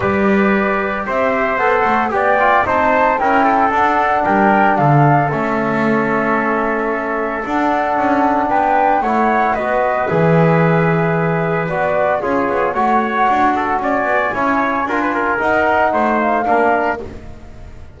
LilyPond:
<<
  \new Staff \with { instrumentName = "flute" } { \time 4/4 \tempo 4 = 113 d''2 e''4 fis''4 | g''4 a''4 g''4 fis''4 | g''4 f''4 e''2~ | e''2 fis''2 |
g''4 fis''4 dis''4 e''4~ | e''2 d''4 cis''4 | fis''2 gis''2~ | gis''4 fis''4. f''4. | }
  \new Staff \with { instrumentName = "trumpet" } { \time 4/4 b'2 c''2 | d''4 c''4 ais'8 a'4. | ais'4 a'2.~ | a'1 |
b'4 cis''4 b'2~ | b'2. gis'4 | cis''4. a'8 d''4 cis''4 | ais'16 b'16 ais'4. c''4 ais'4 | }
  \new Staff \with { instrumentName = "trombone" } { \time 4/4 g'2. a'4 | g'8 f'8 dis'4 e'4 d'4~ | d'2 cis'2~ | cis'2 d'2~ |
d'4 e'4 fis'4 gis'4~ | gis'2 fis'4 f'4 | fis'2. e'4 | f'4 dis'2 d'4 | }
  \new Staff \with { instrumentName = "double bass" } { \time 4/4 g2 c'4 b8 a8 | b4 c'4 cis'4 d'4 | g4 d4 a2~ | a2 d'4 cis'4 |
b4 a4 b4 e4~ | e2 b4 cis'8 b8 | a4 d'4 cis'8 b8 cis'4 | d'4 dis'4 a4 ais4 | }
>>